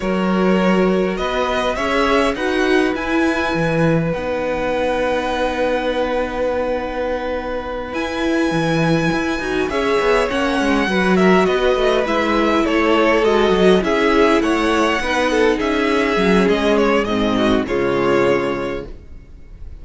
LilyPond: <<
  \new Staff \with { instrumentName = "violin" } { \time 4/4 \tempo 4 = 102 cis''2 dis''4 e''4 | fis''4 gis''2 fis''4~ | fis''1~ | fis''4. gis''2~ gis''8~ |
gis''8 e''4 fis''4. e''8 dis''8~ | dis''8 e''4 cis''4 dis''4 e''8~ | e''8 fis''2 e''4. | dis''8 cis''8 dis''4 cis''2 | }
  \new Staff \with { instrumentName = "violin" } { \time 4/4 ais'2 b'4 cis''4 | b'1~ | b'1~ | b'1~ |
b'8 cis''2 b'8 ais'8 b'8~ | b'4. a'2 gis'8~ | gis'8 cis''4 b'8 a'8 gis'4.~ | gis'4. fis'8 f'2 | }
  \new Staff \with { instrumentName = "viola" } { \time 4/4 fis'2. gis'4 | fis'4 e'2 dis'4~ | dis'1~ | dis'4. e'2~ e'8 |
fis'8 gis'4 cis'4 fis'4.~ | fis'8 e'2 fis'4 e'8~ | e'4. dis'2 cis'8~ | cis'4 c'4 gis2 | }
  \new Staff \with { instrumentName = "cello" } { \time 4/4 fis2 b4 cis'4 | dis'4 e'4 e4 b4~ | b1~ | b4. e'4 e4 e'8 |
dis'8 cis'8 b8 ais8 gis8 fis4 b8 | a8 gis4 a4 gis8 fis8 cis'8~ | cis'8 a4 b4 cis'4 fis8 | gis4 gis,4 cis2 | }
>>